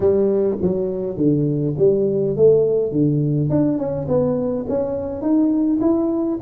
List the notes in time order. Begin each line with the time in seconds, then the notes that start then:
0.00 G3
0.61 F#3
1.16 D3
1.78 G3
2.36 A3
2.91 D3
3.49 D4
3.77 C#4
4.08 B3
4.68 C#4
5.21 D#4
5.80 E4